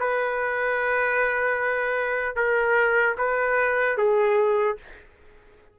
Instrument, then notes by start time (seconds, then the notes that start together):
trumpet
0.00 B4
2.36 A#4
3.18 B4
3.98 G#4